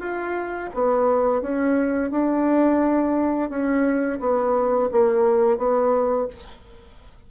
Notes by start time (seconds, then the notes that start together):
0.00 F4
0.74 B3
1.42 C#4
2.11 D4
3.50 C#4
4.20 B3
4.92 A#3
5.58 B3